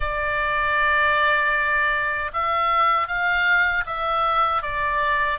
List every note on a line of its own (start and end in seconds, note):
0.00 2.31 D5
2.33 3.07 E5
3.07 3.84 F5
3.85 4.62 E5
4.62 5.38 D5